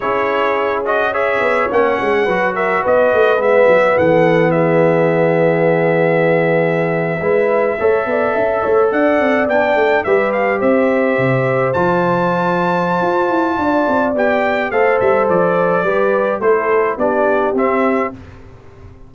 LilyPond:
<<
  \new Staff \with { instrumentName = "trumpet" } { \time 4/4 \tempo 4 = 106 cis''4. dis''8 e''4 fis''4~ | fis''8 e''8 dis''4 e''4 fis''4 | e''1~ | e''2.~ e''8. fis''16~ |
fis''8. g''4 e''8 f''8 e''4~ e''16~ | e''8. a''2.~ a''16~ | a''4 g''4 f''8 e''8 d''4~ | d''4 c''4 d''4 e''4 | }
  \new Staff \with { instrumentName = "horn" } { \time 4/4 gis'2 cis''2 | b'8 ais'8 b'2 a'4 | gis'1~ | gis'8. b'4 cis''8 d''8 e''8 cis''8 d''16~ |
d''4.~ d''16 b'4 c''4~ c''16~ | c''1 | d''2 c''2 | b'4 a'4 g'2 | }
  \new Staff \with { instrumentName = "trombone" } { \time 4/4 e'4. fis'8 gis'4 cis'4 | fis'2 b2~ | b1~ | b8. e'4 a'2~ a'16~ |
a'8. d'4 g'2~ g'16~ | g'8. f'2.~ f'16~ | f'4 g'4 a'2 | g'4 e'4 d'4 c'4 | }
  \new Staff \with { instrumentName = "tuba" } { \time 4/4 cis'2~ cis'8 b8 ais8 gis8 | fis4 b8 a8 gis8 fis8 e4~ | e1~ | e8. gis4 a8 b8 cis'8 a8 d'16~ |
d'16 c'8 b8 a8 g4 c'4 c16~ | c8. f2~ f16 f'8 e'8 | d'8 c'8 b4 a8 g8 f4 | g4 a4 b4 c'4 | }
>>